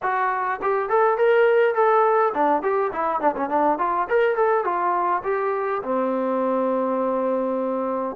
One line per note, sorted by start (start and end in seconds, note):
0.02 0.60 F#4
0.61 0.89 G4
0.89 1.17 A4
1.17 1.74 A#4
1.74 2.32 A4
2.34 2.62 D4
2.62 2.91 G4
2.92 3.20 E4
3.20 3.35 D4
3.36 3.49 C#4
3.49 3.78 D4
3.78 4.07 F4
4.09 4.35 A#4
4.35 4.64 A4
4.64 5.22 F4
5.23 5.81 G4
5.83 8.16 C4